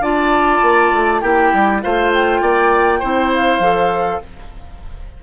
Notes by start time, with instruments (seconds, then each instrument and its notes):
0.00 bassoon D4, clarinet F4, oboe D5, flute A5
0.62 bassoon A#3
0.93 bassoon A3
1.21 bassoon A#3, clarinet E4, oboe G4, flute G5
1.53 bassoon G3
1.82 bassoon A3, clarinet F4, oboe C5, flute F5
2.13 flute G5
2.42 bassoon A#3, oboe D5
2.99 bassoon C4, clarinet E4, oboe C5
3.33 flute F5
3.60 bassoon F3, clarinet A4